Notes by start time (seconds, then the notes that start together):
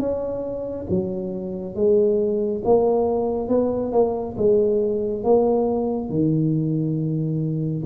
0.00 C#4
0.90 F#3
1.75 G#3
2.65 A#3
3.49 B3
3.92 A#3
4.38 G#3
5.24 A#3
6.10 D#3